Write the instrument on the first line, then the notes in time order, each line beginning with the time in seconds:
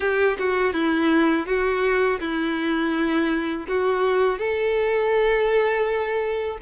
violin
0.00 G4
0.38 F#4
0.73 E4
1.46 F#4
2.20 E4
3.68 F#4
4.38 A4